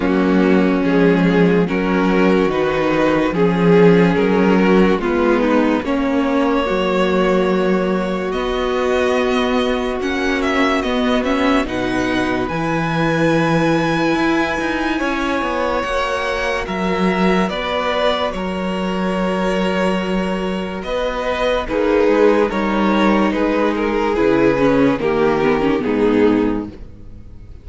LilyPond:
<<
  \new Staff \with { instrumentName = "violin" } { \time 4/4 \tempo 4 = 72 fis'4 gis'4 ais'4 b'4 | gis'4 ais'4 b'4 cis''4~ | cis''2 dis''2 | fis''8 e''8 dis''8 e''8 fis''4 gis''4~ |
gis''2. fis''4 | e''4 d''4 cis''2~ | cis''4 dis''4 b'4 cis''4 | b'8 ais'8 b'4 ais'4 gis'4 | }
  \new Staff \with { instrumentName = "violin" } { \time 4/4 cis'2 fis'2 | gis'4. fis'8 f'8 dis'8 cis'4 | fis'1~ | fis'2 b'2~ |
b'2 cis''2 | ais'4 b'4 ais'2~ | ais'4 b'4 dis'4 ais'4 | gis'2 g'4 dis'4 | }
  \new Staff \with { instrumentName = "viola" } { \time 4/4 ais4 gis4 cis'4 dis'4 | cis'2 b4 ais4~ | ais2 b2 | cis'4 b8 cis'8 dis'4 e'4~ |
e'2. fis'4~ | fis'1~ | fis'2 gis'4 dis'4~ | dis'4 e'8 cis'8 ais8 b16 cis'16 b4 | }
  \new Staff \with { instrumentName = "cello" } { \time 4/4 fis4 f4 fis4 dis4 | f4 fis4 gis4 ais4 | fis2 b2 | ais4 b4 b,4 e4~ |
e4 e'8 dis'8 cis'8 b8 ais4 | fis4 b4 fis2~ | fis4 b4 ais8 gis8 g4 | gis4 cis4 dis4 gis,4 | }
>>